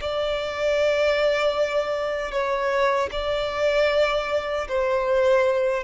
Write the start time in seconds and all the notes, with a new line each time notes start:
0.00 D5
2.31 C#5
3.11 D5
4.68 C5